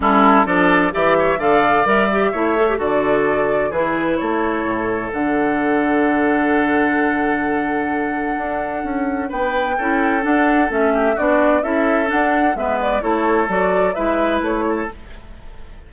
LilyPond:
<<
  \new Staff \with { instrumentName = "flute" } { \time 4/4 \tempo 4 = 129 a'4 d''4 e''4 f''4 | e''2 d''2 | b'4 cis''2 fis''4~ | fis''1~ |
fis''1 | g''2 fis''4 e''4 | d''4 e''4 fis''4 e''8 d''8 | cis''4 d''4 e''4 cis''4 | }
  \new Staff \with { instrumentName = "oboe" } { \time 4/4 e'4 a'4 d''8 cis''8 d''4~ | d''4 cis''4 a'2 | gis'4 a'2.~ | a'1~ |
a'1 | b'4 a'2~ a'8 g'8 | fis'4 a'2 b'4 | a'2 b'4. a'8 | }
  \new Staff \with { instrumentName = "clarinet" } { \time 4/4 cis'4 d'4 g'4 a'4 | ais'8 g'8 e'8 a'16 g'16 fis'2 | e'2. d'4~ | d'1~ |
d'1~ | d'4 e'4 d'4 cis'4 | d'4 e'4 d'4 b4 | e'4 fis'4 e'2 | }
  \new Staff \with { instrumentName = "bassoon" } { \time 4/4 g4 f4 e4 d4 | g4 a4 d2 | e4 a4 a,4 d4~ | d1~ |
d2 d'4 cis'4 | b4 cis'4 d'4 a4 | b4 cis'4 d'4 gis4 | a4 fis4 gis4 a4 | }
>>